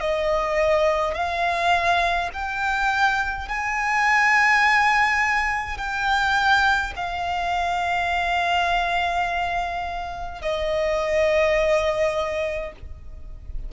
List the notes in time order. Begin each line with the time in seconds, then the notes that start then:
0.00 D#5
1.14 F5
2.33 G5
3.48 G#5
5.77 G5
6.95 F5
10.41 D#5